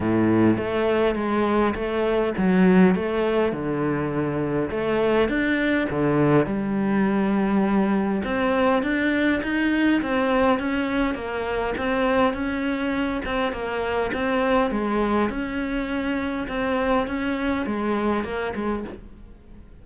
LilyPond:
\new Staff \with { instrumentName = "cello" } { \time 4/4 \tempo 4 = 102 a,4 a4 gis4 a4 | fis4 a4 d2 | a4 d'4 d4 g4~ | g2 c'4 d'4 |
dis'4 c'4 cis'4 ais4 | c'4 cis'4. c'8 ais4 | c'4 gis4 cis'2 | c'4 cis'4 gis4 ais8 gis8 | }